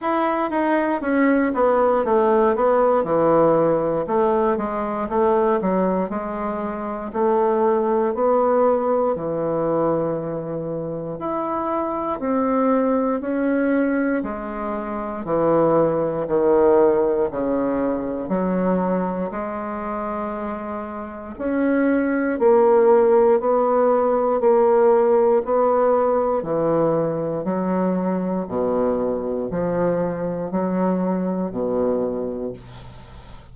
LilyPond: \new Staff \with { instrumentName = "bassoon" } { \time 4/4 \tempo 4 = 59 e'8 dis'8 cis'8 b8 a8 b8 e4 | a8 gis8 a8 fis8 gis4 a4 | b4 e2 e'4 | c'4 cis'4 gis4 e4 |
dis4 cis4 fis4 gis4~ | gis4 cis'4 ais4 b4 | ais4 b4 e4 fis4 | b,4 f4 fis4 b,4 | }